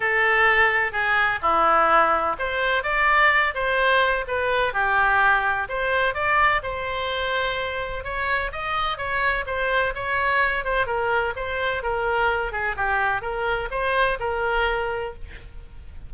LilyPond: \new Staff \with { instrumentName = "oboe" } { \time 4/4 \tempo 4 = 127 a'2 gis'4 e'4~ | e'4 c''4 d''4. c''8~ | c''4 b'4 g'2 | c''4 d''4 c''2~ |
c''4 cis''4 dis''4 cis''4 | c''4 cis''4. c''8 ais'4 | c''4 ais'4. gis'8 g'4 | ais'4 c''4 ais'2 | }